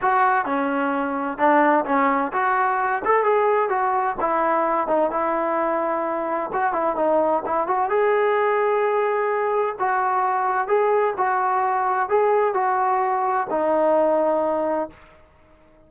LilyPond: \new Staff \with { instrumentName = "trombone" } { \time 4/4 \tempo 4 = 129 fis'4 cis'2 d'4 | cis'4 fis'4. a'8 gis'4 | fis'4 e'4. dis'8 e'4~ | e'2 fis'8 e'8 dis'4 |
e'8 fis'8 gis'2.~ | gis'4 fis'2 gis'4 | fis'2 gis'4 fis'4~ | fis'4 dis'2. | }